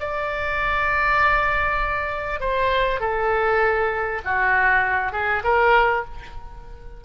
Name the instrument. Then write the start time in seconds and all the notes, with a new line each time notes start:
oboe
0.00 D5
2.40 C5
3.01 A4
4.25 F#4
5.12 G#4
5.44 A#4